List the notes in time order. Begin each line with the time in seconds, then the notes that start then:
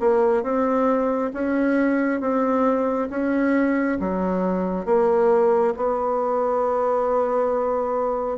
0.00 A#3
0.43 C4
1.33 C#4
2.21 C4
3.10 C#4
4.00 F#3
4.86 A#3
5.76 B3